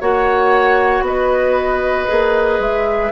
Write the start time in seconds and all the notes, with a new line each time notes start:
0.00 A#3 F#4 C#5 F#5
1.01 B3 B4 D#5
2.07 A#3 G#4
2.59 G#3 E5